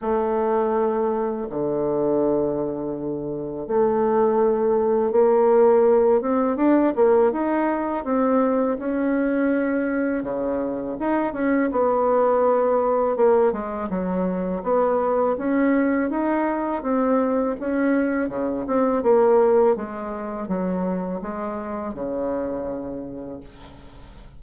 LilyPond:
\new Staff \with { instrumentName = "bassoon" } { \time 4/4 \tempo 4 = 82 a2 d2~ | d4 a2 ais4~ | ais8 c'8 d'8 ais8 dis'4 c'4 | cis'2 cis4 dis'8 cis'8 |
b2 ais8 gis8 fis4 | b4 cis'4 dis'4 c'4 | cis'4 cis8 c'8 ais4 gis4 | fis4 gis4 cis2 | }